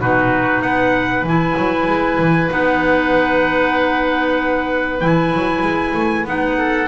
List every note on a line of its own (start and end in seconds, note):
0.00 0.62 B2
0.00 1.26 D#4
0.00 0.64 F#4
0.00 0.62 B4
0.62 1.23 B3
0.62 6.58 B4
0.62 1.25 F#5
1.23 1.54 E3
1.23 2.49 E4
1.23 2.52 G#5
1.57 1.87 F#3
1.87 2.18 G#3
2.19 2.50 E3
2.49 5.01 B3
2.49 4.99 D#4
2.49 5.00 F#5
5.00 5.33 E3
5.00 6.25 E4
5.00 6.25 G#5
5.33 5.62 F#3
5.62 5.93 G#3
5.94 6.25 A3
6.25 6.88 B3
6.25 6.88 D#4
6.25 6.88 F#5
6.58 6.88 A4